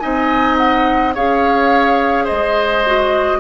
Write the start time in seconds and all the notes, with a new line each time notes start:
0.00 C4 D#4 D#5 G#5
0.58 F#5
1.15 C#4 G#4 C#5 F5
2.25 C5 D#5
2.31 G#3
2.86 F#4